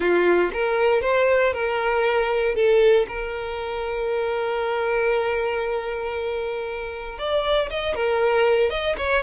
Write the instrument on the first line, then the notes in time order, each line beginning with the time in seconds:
violin
0.00 F4
0.53 A#4
1.01 C5
1.53 A#4
2.55 A4
3.08 A#4
7.18 D5
7.70 D#5
7.94 A#4
8.69 D#5
8.97 C#5